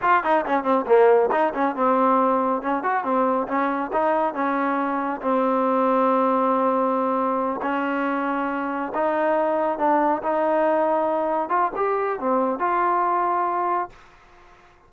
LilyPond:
\new Staff \with { instrumentName = "trombone" } { \time 4/4 \tempo 4 = 138 f'8 dis'8 cis'8 c'8 ais4 dis'8 cis'8 | c'2 cis'8 fis'8 c'4 | cis'4 dis'4 cis'2 | c'1~ |
c'4. cis'2~ cis'8~ | cis'8 dis'2 d'4 dis'8~ | dis'2~ dis'8 f'8 g'4 | c'4 f'2. | }